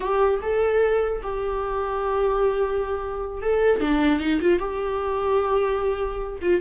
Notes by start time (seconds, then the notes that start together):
0.00 G4
0.42 A4
1.22 G4
3.41 A4
3.80 D4
4.19 D#4
4.41 F4
4.59 G4
6.41 F4